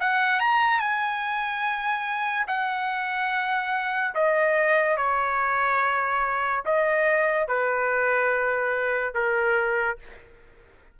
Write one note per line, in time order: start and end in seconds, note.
0.00 0.39 F#5
0.39 0.79 A#5
0.79 2.45 G#5
2.47 4.14 F#5
4.14 4.97 D#5
4.97 6.63 C#5
6.65 7.47 D#5
7.47 9.14 B4
9.14 9.97 A#4